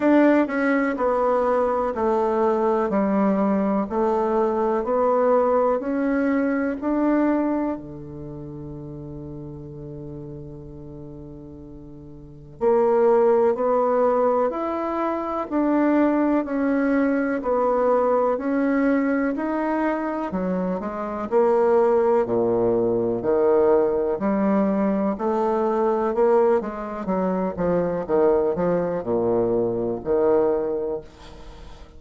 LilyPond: \new Staff \with { instrumentName = "bassoon" } { \time 4/4 \tempo 4 = 62 d'8 cis'8 b4 a4 g4 | a4 b4 cis'4 d'4 | d1~ | d4 ais4 b4 e'4 |
d'4 cis'4 b4 cis'4 | dis'4 fis8 gis8 ais4 ais,4 | dis4 g4 a4 ais8 gis8 | fis8 f8 dis8 f8 ais,4 dis4 | }